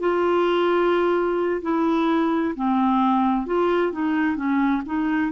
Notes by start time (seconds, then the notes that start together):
0.00 F4
1.62 E4
2.56 C4
3.46 F4
3.92 D#4
4.36 C#4
4.85 D#4